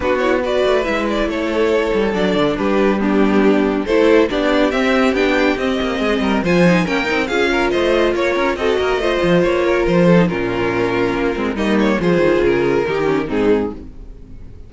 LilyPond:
<<
  \new Staff \with { instrumentName = "violin" } { \time 4/4 \tempo 4 = 140 b'8 cis''8 d''4 e''8 d''8 cis''4~ | cis''4 d''4 b'4 g'4~ | g'4 c''4 d''4 e''4 | g''4 dis''2 gis''4 |
g''4 f''4 dis''4 cis''4 | dis''2 cis''4 c''4 | ais'2. dis''8 cis''8 | c''4 ais'2 gis'4 | }
  \new Staff \with { instrumentName = "violin" } { \time 4/4 fis'4 b'2 a'4~ | a'2 g'4 d'4~ | d'4 a'4 g'2~ | g'2 gis'8 ais'8 c''4 |
ais'4 gis'8 ais'8 c''4 cis''8 ais'8 | a'8 ais'8 c''4. ais'4 a'8 | f'2. dis'4 | gis'2 g'4 dis'4 | }
  \new Staff \with { instrumentName = "viola" } { \time 4/4 d'8 e'8 fis'4 e'2~ | e'4 d'2 b4~ | b4 e'4 d'4 c'4 | d'4 c'2 f'8 dis'8 |
cis'8 dis'8 f'2. | fis'4 f'2~ f'8. dis'16 | cis'2~ cis'8 c'8 ais4 | f'2 dis'8 cis'8 c'4 | }
  \new Staff \with { instrumentName = "cello" } { \time 4/4 b4. a8 gis4 a4~ | a8 g8 fis8 d8 g2~ | g4 a4 b4 c'4 | b4 c'8 ais8 gis8 g8 f4 |
ais8 c'8 cis'4 a4 ais8 cis'8 | c'8 ais8 a8 f8 ais4 f4 | ais,2 ais8 gis8 g4 | f8 dis8 cis4 dis4 gis,4 | }
>>